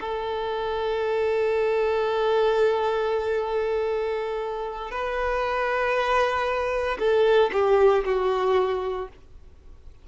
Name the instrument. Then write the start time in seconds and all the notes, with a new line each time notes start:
violin
0.00 A4
4.91 B4
6.99 A4
7.52 G4
8.05 F#4